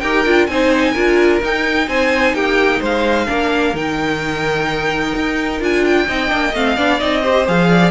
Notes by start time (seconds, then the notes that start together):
0.00 D#4 G4 A#4 G5
0.25 D4 F4
0.47 C4 D#4 C5 G#5
0.92 D4 F4 A#4
1.42 D#4 G5
1.88 C4 C5 G#5
2.34 A#3 G4 G5
2.80 G#3 C5 F5
3.26 A#3 D4 A#4
3.74 D#3 D#4 G5
5.16 D#4
5.61 D4 F4 G#5
5.85 G5
6.08 C4 D#4 D#5
6.28 A#3 D4
6.54 A3 C4 F5
6.77 B3 D4 D5
7.00 C4 D#4 D#5
7.22 G4 C5
7.46 F3 G#4 F5
7.70 D5